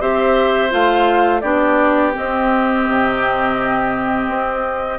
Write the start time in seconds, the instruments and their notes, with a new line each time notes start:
0.00 bassoon C4, clarinet G4, oboe C5, flute E5
0.70 bassoon A3, clarinet F4, flute F5
1.41 bassoon B3, clarinet D4, oboe G4, flute D5
2.14 clarinet C4, bassoon C4, flute D#5
2.88 bassoon C3
4.28 bassoon C4